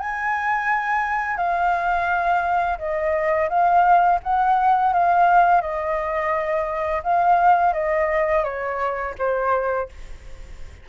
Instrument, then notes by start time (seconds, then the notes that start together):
flute
0.00 G#5
1.37 F5
2.79 D#5
3.49 F5
4.23 F#5
4.93 F5
5.61 D#5
7.03 F5
7.74 D#5
8.44 C#5
9.18 C5